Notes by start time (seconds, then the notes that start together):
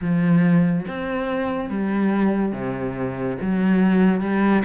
0.01 F3
0.87 C4
1.69 G3
2.52 C3
3.41 F#3
4.20 G3